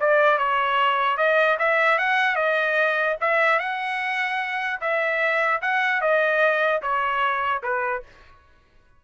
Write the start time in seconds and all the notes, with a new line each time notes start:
0.00 D5
0.38 C#5
1.17 D#5
1.59 E5
1.98 F#5
2.36 D#5
3.21 E5
3.59 F#5
4.81 E5
5.62 F#5
6.01 D#5
6.82 C#5
7.63 B4